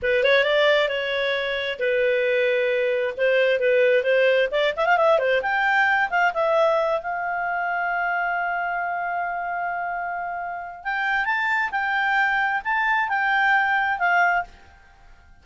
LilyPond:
\new Staff \with { instrumentName = "clarinet" } { \time 4/4 \tempo 4 = 133 b'8 cis''8 d''4 cis''2 | b'2. c''4 | b'4 c''4 d''8 e''16 f''16 e''8 c''8 | g''4. f''8 e''4. f''8~ |
f''1~ | f''1 | g''4 a''4 g''2 | a''4 g''2 f''4 | }